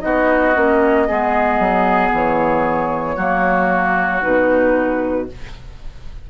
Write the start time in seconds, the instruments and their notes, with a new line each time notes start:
0.00 bassoon B3, clarinet D#4, oboe F#4, flute D#5
0.55 bassoon A#3, clarinet C#4
1.08 bassoon G#3, clarinet B3, oboe G#4
1.59 bassoon F#3
2.12 bassoon E3, flute C#5
3.16 bassoon F#3, clarinet A#3, oboe F#4
4.22 bassoon B2, clarinet D#4, flute B4